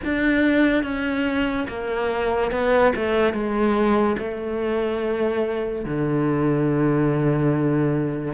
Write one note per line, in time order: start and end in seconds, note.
0.04 0.83 D4
0.83 1.66 C#4
1.68 2.51 A#3
2.51 2.92 B3
2.95 3.33 A3
3.33 4.16 G#3
4.18 5.85 A3
5.85 8.33 D3